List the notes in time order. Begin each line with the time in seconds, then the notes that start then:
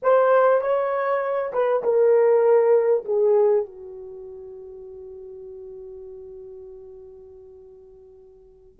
0.02 C5
0.61 C#5
1.52 B4
1.83 A#4
3.04 G#4
3.65 F#4